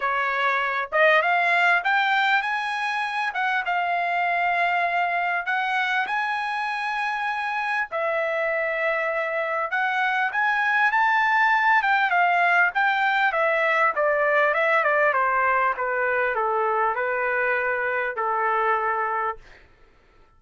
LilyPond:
\new Staff \with { instrumentName = "trumpet" } { \time 4/4 \tempo 4 = 99 cis''4. dis''8 f''4 g''4 | gis''4. fis''8 f''2~ | f''4 fis''4 gis''2~ | gis''4 e''2. |
fis''4 gis''4 a''4. g''8 | f''4 g''4 e''4 d''4 | e''8 d''8 c''4 b'4 a'4 | b'2 a'2 | }